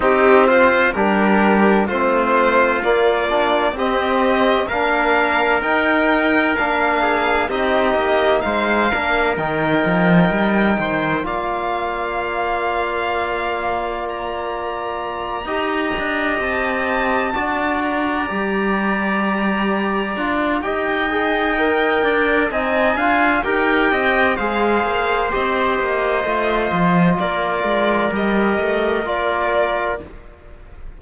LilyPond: <<
  \new Staff \with { instrumentName = "violin" } { \time 4/4 \tempo 4 = 64 g'8 c''8 ais'4 c''4 d''4 | dis''4 f''4 g''4 f''4 | dis''4 f''4 g''2 | f''2. ais''4~ |
ais''4. a''4. ais''4~ | ais''2 g''2 | gis''4 g''4 f''4 dis''4~ | dis''4 d''4 dis''4 d''4 | }
  \new Staff \with { instrumentName = "trumpet" } { \time 4/4 dis'8 f'8 g'4 f'2 | g'4 ais'2~ ais'8 gis'8 | g'4 c''8 ais'2 c''8 | d''1~ |
d''8 dis''2 d''4.~ | d''2 dis''4. d''8 | dis''8 f''8 ais'8 dis''8 c''2~ | c''4 ais'2. | }
  \new Staff \with { instrumentName = "trombone" } { \time 4/4 c'4 d'4 c'4 ais8 d'8 | c'4 d'4 dis'4 d'4 | dis'4. d'8 dis'2 | f'1~ |
f'8 g'2 fis'4 g'8~ | g'4. f'8 g'8 gis'8 ais'4 | dis'8 f'8 g'4 gis'4 g'4 | f'2 g'4 f'4 | }
  \new Staff \with { instrumentName = "cello" } { \time 4/4 c'4 g4 a4 ais4 | c'4 ais4 dis'4 ais4 | c'8 ais8 gis8 ais8 dis8 f8 g8 dis8 | ais1~ |
ais8 dis'8 d'8 c'4 d'4 g8~ | g4. d'8 dis'4. d'8 | c'8 d'8 dis'8 c'8 gis8 ais8 c'8 ais8 | a8 f8 ais8 gis8 g8 a8 ais4 | }
>>